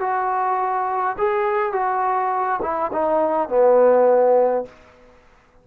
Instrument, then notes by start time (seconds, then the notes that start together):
trombone
0.00 F#4
1.18 G#4
1.72 F#4
2.62 E4
2.92 D#4
3.49 B3